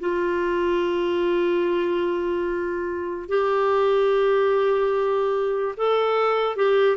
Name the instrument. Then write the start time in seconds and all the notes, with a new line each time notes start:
clarinet
0.00 F4
3.29 G4
5.77 A4
6.56 G4